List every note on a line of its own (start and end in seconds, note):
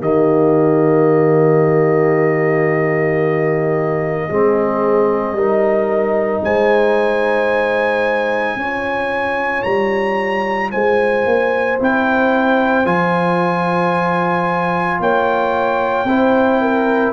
0.00 4.29 D#3
0.00 4.29 A#3
0.00 4.28 G4
0.00 6.44 D#5
4.28 5.32 G#3
4.28 5.37 C4
4.28 5.35 G#4
5.32 6.39 G3
5.32 8.58 D#4
5.32 6.42 A#4
6.44 8.56 G#3
6.44 8.58 C5
6.44 9.62 G#5
8.56 9.63 C#4
8.56 11.79 F4
8.56 10.71 C#5
9.62 10.72 G3
9.62 10.70 A#5
10.71 11.25 G#3
10.71 15.00 C5
10.71 11.78 G#5
11.25 11.78 A#3
11.79 12.85 C4
11.79 12.85 E4
11.79 12.86 G5
12.85 15.00 F3
12.85 16.06 F4
12.85 15.00 G#5
15.00 16.04 A#3
15.00 16.07 C#5
15.00 17.12 G5
16.04 17.11 C4
16.04 17.12 E4
16.04 16.61 C5
16.61 17.12 A#4